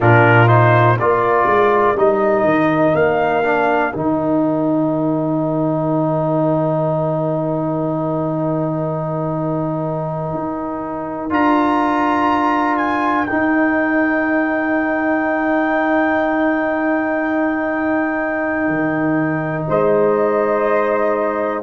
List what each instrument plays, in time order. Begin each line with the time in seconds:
0.00 tuba A#2, trombone D4, horn F4, trumpet A#4
0.47 trombone D#4, trumpet C5
0.99 tuba A#3, trombone F4, horn A#4, trumpet D5
1.46 tuba G#3
1.96 tuba G3, trombone D#4, trumpet D#5
2.44 tuba D#3
2.94 tuba A#3, trumpet F5
3.43 trombone D4
3.93 tuba D#3, trombone D#4, trumpet G5
10.33 tuba D#4
11.30 tuba D4, trombone F4, trumpet A#5
12.77 trumpet G#5
13.25 trombone D#4, trumpet G5
13.32 tuba D#4
18.67 tuba D#3
19.68 tuba G#3, horn C5, trumpet D#5